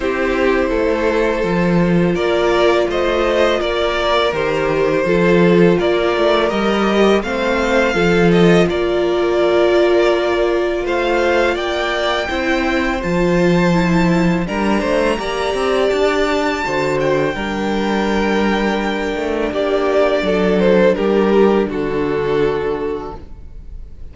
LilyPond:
<<
  \new Staff \with { instrumentName = "violin" } { \time 4/4 \tempo 4 = 83 c''2. d''4 | dis''4 d''4 c''2 | d''4 dis''4 f''4. dis''8 | d''2. f''4 |
g''2 a''2 | ais''2 a''4. g''8~ | g''2. d''4~ | d''8 c''8 ais'4 a'2 | }
  \new Staff \with { instrumentName = "violin" } { \time 4/4 g'4 a'2 ais'4 | c''4 ais'2 a'4 | ais'2 c''4 a'4 | ais'2. c''4 |
d''4 c''2. | ais'8 c''8 d''2 c''4 | ais'2. g'4 | a'4 g'4 fis'2 | }
  \new Staff \with { instrumentName = "viola" } { \time 4/4 e'2 f'2~ | f'2 g'4 f'4~ | f'4 g'4 c'4 f'4~ | f'1~ |
f'4 e'4 f'4 e'4 | d'4 g'2 fis'4 | d'1~ | d'1 | }
  \new Staff \with { instrumentName = "cello" } { \time 4/4 c'4 a4 f4 ais4 | a4 ais4 dis4 f4 | ais8 a8 g4 a4 f4 | ais2. a4 |
ais4 c'4 f2 | g8 a8 ais8 c'8 d'4 d4 | g2~ g8 a8 ais4 | fis4 g4 d2 | }
>>